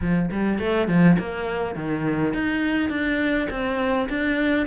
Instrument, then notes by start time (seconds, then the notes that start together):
cello
0.01 F3
0.31 G3
0.59 A3
0.88 F3
1.18 A#3
1.75 D#3
2.33 D#4
2.89 D4
3.50 C4
4.09 D4